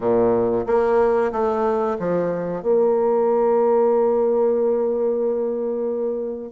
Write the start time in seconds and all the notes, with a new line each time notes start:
0.00 A#2
0.66 A#3
1.32 A3
1.99 F3
2.62 A#3